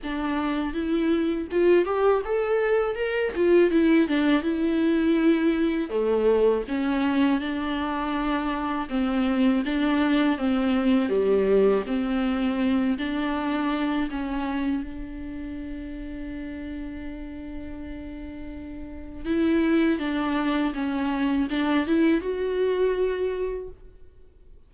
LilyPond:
\new Staff \with { instrumentName = "viola" } { \time 4/4 \tempo 4 = 81 d'4 e'4 f'8 g'8 a'4 | ais'8 f'8 e'8 d'8 e'2 | a4 cis'4 d'2 | c'4 d'4 c'4 g4 |
c'4. d'4. cis'4 | d'1~ | d'2 e'4 d'4 | cis'4 d'8 e'8 fis'2 | }